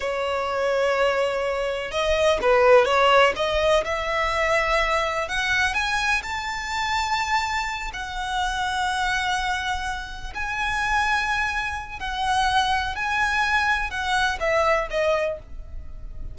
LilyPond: \new Staff \with { instrumentName = "violin" } { \time 4/4 \tempo 4 = 125 cis''1 | dis''4 b'4 cis''4 dis''4 | e''2. fis''4 | gis''4 a''2.~ |
a''8 fis''2.~ fis''8~ | fis''4. gis''2~ gis''8~ | gis''4 fis''2 gis''4~ | gis''4 fis''4 e''4 dis''4 | }